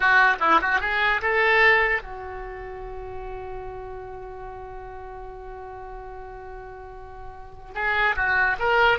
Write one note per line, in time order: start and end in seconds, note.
0.00 0.36 F#4
0.40 0.60 E4
0.61 0.80 F#4
0.80 1.21 G#4
1.21 2.02 A4
2.02 7.73 F#4
7.74 8.15 G#4
8.16 8.56 F#4
8.59 8.99 A#4